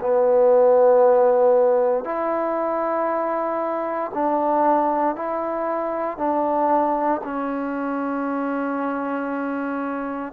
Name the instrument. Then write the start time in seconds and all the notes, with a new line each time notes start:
trombone
0.00 B3
2.04 E4
4.14 D4
5.15 E4
6.17 D4
7.24 C#4